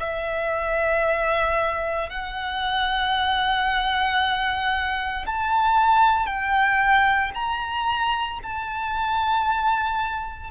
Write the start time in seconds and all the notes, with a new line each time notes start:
0.00 E5
2.10 F#5
5.26 A5
6.26 G5
7.34 A#5
8.43 A5